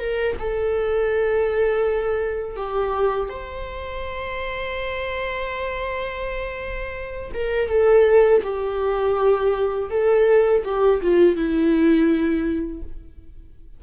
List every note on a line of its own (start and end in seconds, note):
0.00 0.37 A#4
0.39 2.57 A4
2.57 3.30 G4
3.30 7.32 C5
7.34 7.69 A#4
7.69 8.42 A4
8.43 9.90 G4
9.90 10.63 A4
10.65 11.01 G4
11.02 11.36 F4
11.36 12.82 E4